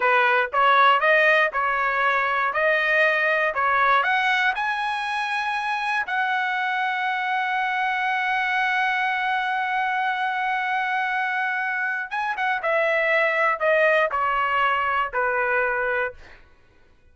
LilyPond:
\new Staff \with { instrumentName = "trumpet" } { \time 4/4 \tempo 4 = 119 b'4 cis''4 dis''4 cis''4~ | cis''4 dis''2 cis''4 | fis''4 gis''2. | fis''1~ |
fis''1~ | fis''1 | gis''8 fis''8 e''2 dis''4 | cis''2 b'2 | }